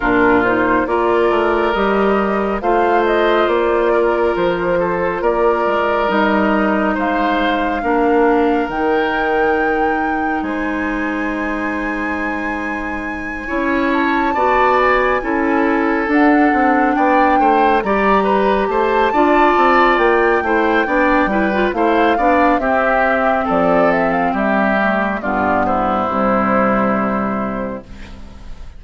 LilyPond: <<
  \new Staff \with { instrumentName = "flute" } { \time 4/4 \tempo 4 = 69 ais'8 c''8 d''4 dis''4 f''8 dis''8 | d''4 c''4 d''4 dis''4 | f''2 g''2 | gis''1 |
a''4 gis''4. fis''4 g''8~ | g''8 ais''4 a''4. g''4~ | g''4 f''4 e''4 d''8 e''16 f''16 | e''4 d''8 c''2~ c''8 | }
  \new Staff \with { instrumentName = "oboe" } { \time 4/4 f'4 ais'2 c''4~ | c''8 ais'4 a'8 ais'2 | c''4 ais'2. | c''2.~ c''8 cis''8~ |
cis''8 d''4 a'2 d''8 | c''8 d''8 b'8 c''8 d''4. c''8 | d''8 b'8 c''8 d''8 g'4 a'4 | g'4 f'8 e'2~ e'8 | }
  \new Staff \with { instrumentName = "clarinet" } { \time 4/4 d'8 dis'8 f'4 g'4 f'4~ | f'2. dis'4~ | dis'4 d'4 dis'2~ | dis'2.~ dis'8 e'8~ |
e'8 fis'4 e'4 d'4.~ | d'8 g'4. f'4. e'8 | d'8 e'16 f'16 e'8 d'8 c'2~ | c'8 a8 b4 g2 | }
  \new Staff \with { instrumentName = "bassoon" } { \time 4/4 ais,4 ais8 a8 g4 a4 | ais4 f4 ais8 gis8 g4 | gis4 ais4 dis2 | gis2.~ gis8 cis'8~ |
cis'8 b4 cis'4 d'8 c'8 b8 | a8 g4 a8 d'8 c'8 ais8 a8 | b8 g8 a8 b8 c'4 f4 | g4 g,4 c2 | }
>>